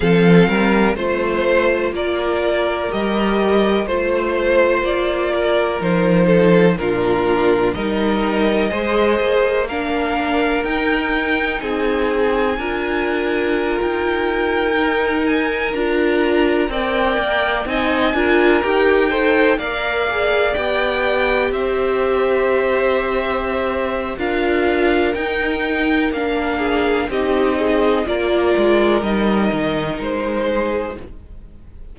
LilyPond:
<<
  \new Staff \with { instrumentName = "violin" } { \time 4/4 \tempo 4 = 62 f''4 c''4 d''4 dis''4 | c''4 d''4 c''4 ais'4 | dis''2 f''4 g''4 | gis''2~ gis''16 g''4. gis''16~ |
gis''16 ais''4 g''4 gis''4 g''8.~ | g''16 f''4 g''4 e''4.~ e''16~ | e''4 f''4 g''4 f''4 | dis''4 d''4 dis''4 c''4 | }
  \new Staff \with { instrumentName = "violin" } { \time 4/4 a'8 ais'8 c''4 ais'2 | c''4. ais'4 a'8 f'4 | ais'4 c''4 ais'2 | gis'4 ais'2.~ |
ais'4~ ais'16 d''4 dis''8 ais'4 c''16~ | c''16 d''2 c''4.~ c''16~ | c''4 ais'2~ ais'8 gis'8 | g'8 gis'8 ais'2~ ais'8 gis'8 | }
  \new Staff \with { instrumentName = "viola" } { \time 4/4 c'4 f'2 g'4 | f'2 dis'4 d'4 | dis'4 gis'4 d'4 dis'4~ | dis'4 f'2~ f'16 dis'8.~ |
dis'16 f'4 ais'4 dis'8 f'8 g'8 a'16~ | a'16 ais'8 gis'8 g'2~ g'8.~ | g'4 f'4 dis'4 d'4 | dis'4 f'4 dis'2 | }
  \new Staff \with { instrumentName = "cello" } { \time 4/4 f8 g8 a4 ais4 g4 | a4 ais4 f4 ais,4 | g4 gis8 ais4. dis'4 | c'4 d'4~ d'16 dis'4.~ dis'16~ |
dis'16 d'4 c'8 ais8 c'8 d'8 dis'8.~ | dis'16 ais4 b4 c'4.~ c'16~ | c'4 d'4 dis'4 ais4 | c'4 ais8 gis8 g8 dis8 gis4 | }
>>